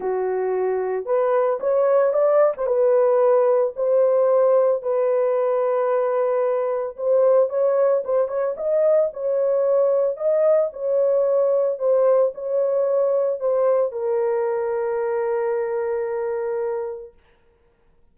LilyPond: \new Staff \with { instrumentName = "horn" } { \time 4/4 \tempo 4 = 112 fis'2 b'4 cis''4 | d''8. c''16 b'2 c''4~ | c''4 b'2.~ | b'4 c''4 cis''4 c''8 cis''8 |
dis''4 cis''2 dis''4 | cis''2 c''4 cis''4~ | cis''4 c''4 ais'2~ | ais'1 | }